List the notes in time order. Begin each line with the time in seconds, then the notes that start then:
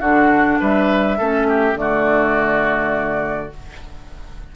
0.00 D3 D4 F#4 F#5
0.60 G3 B4 E5
1.18 A3 C#4 A4
1.48 G4
1.74 D3 A3 D5
1.80 F#4